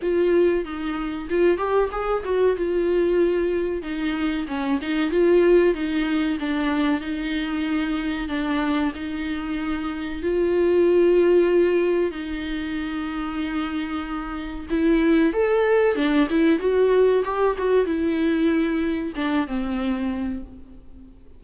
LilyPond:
\new Staff \with { instrumentName = "viola" } { \time 4/4 \tempo 4 = 94 f'4 dis'4 f'8 g'8 gis'8 fis'8 | f'2 dis'4 cis'8 dis'8 | f'4 dis'4 d'4 dis'4~ | dis'4 d'4 dis'2 |
f'2. dis'4~ | dis'2. e'4 | a'4 d'8 e'8 fis'4 g'8 fis'8 | e'2 d'8 c'4. | }